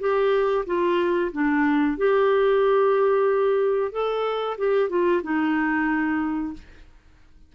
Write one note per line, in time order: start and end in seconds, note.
0.00 0.65 G4
0.66 1.32 F4
1.33 1.98 D4
1.98 3.92 G4
3.92 4.57 A4
4.58 4.90 G4
4.90 5.22 F4
5.24 6.54 D#4